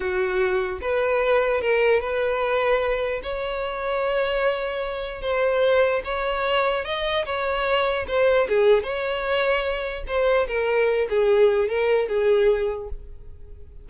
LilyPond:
\new Staff \with { instrumentName = "violin" } { \time 4/4 \tempo 4 = 149 fis'2 b'2 | ais'4 b'2. | cis''1~ | cis''4 c''2 cis''4~ |
cis''4 dis''4 cis''2 | c''4 gis'4 cis''2~ | cis''4 c''4 ais'4. gis'8~ | gis'4 ais'4 gis'2 | }